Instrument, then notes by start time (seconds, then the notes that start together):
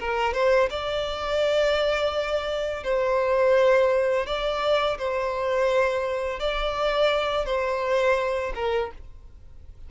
violin
0.00 A#4
0.33 C5
0.70 D5
2.84 C5
4.26 D5
4.98 C5
6.40 D5
7.46 C5
8.55 A#4